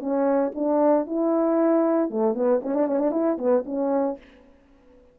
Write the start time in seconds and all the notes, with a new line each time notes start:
0.00 C#4
0.55 D4
1.07 E4
2.10 A3
2.35 B3
2.63 C#4
2.75 D4
2.87 C#4
3.00 D4
3.12 E4
3.38 B3
3.66 C#4